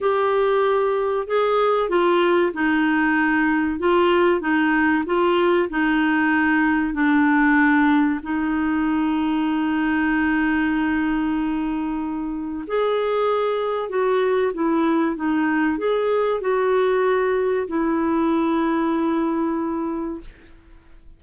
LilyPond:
\new Staff \with { instrumentName = "clarinet" } { \time 4/4 \tempo 4 = 95 g'2 gis'4 f'4 | dis'2 f'4 dis'4 | f'4 dis'2 d'4~ | d'4 dis'2.~ |
dis'1 | gis'2 fis'4 e'4 | dis'4 gis'4 fis'2 | e'1 | }